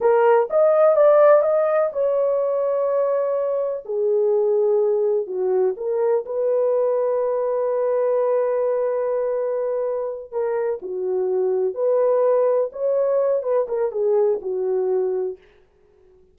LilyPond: \new Staff \with { instrumentName = "horn" } { \time 4/4 \tempo 4 = 125 ais'4 dis''4 d''4 dis''4 | cis''1 | gis'2. fis'4 | ais'4 b'2.~ |
b'1~ | b'4. ais'4 fis'4.~ | fis'8 b'2 cis''4. | b'8 ais'8 gis'4 fis'2 | }